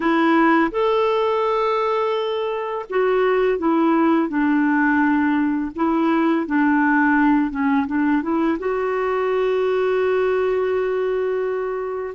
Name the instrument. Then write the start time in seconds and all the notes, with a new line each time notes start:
clarinet
0.00 E4
0.71 A4
2.89 F#4
3.58 E4
4.28 D4
5.75 E4
6.46 D4
7.50 C#4
7.86 D4
8.22 E4
8.58 F#4